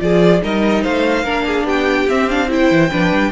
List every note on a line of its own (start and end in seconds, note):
0.00 0.42 F3
0.00 0.41 F4
0.00 0.43 G#4
0.00 0.42 D5
0.42 0.85 G3
0.42 1.25 D#4
0.42 0.83 A#4
0.42 0.84 D#5
0.83 1.24 A3
0.83 1.24 C5
0.83 1.67 F5
1.24 1.64 A#3
1.24 2.08 D4
1.24 1.45 A#4
1.47 1.66 G#4
1.64 2.05 B3
1.64 2.49 G4
1.64 2.09 G5
2.09 2.30 C4
2.09 2.71 C4
2.09 2.29 E5
2.29 2.48 D4
2.29 2.50 F5
2.48 2.89 E4
2.48 2.90 C5
2.48 3.32 G5
2.71 2.92 E3
2.90 3.12 F3
2.90 3.32 D4
2.90 3.31 B4
3.12 3.32 G3